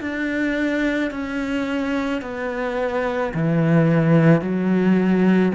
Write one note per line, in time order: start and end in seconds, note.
0.00 1.11 D4
1.11 2.22 C#4
2.22 3.33 B3
3.34 4.41 E3
4.41 5.53 F#3